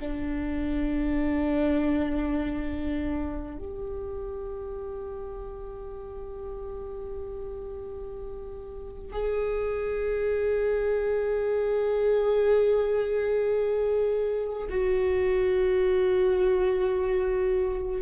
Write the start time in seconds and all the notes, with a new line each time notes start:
0.00 D4
3.59 G4
9.12 G#4
14.70 F#4